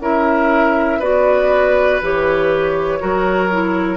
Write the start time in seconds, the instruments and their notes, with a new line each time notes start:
0.00 bassoon C#4, clarinet E4, oboe A#4, flute E5
0.99 bassoon B3, clarinet F#4, oboe B4, flute D5
2.02 bassoon E3, clarinet G4, flute C#5
3.00 bassoon F#3, clarinet F#4, oboe A#4
3.52 clarinet E4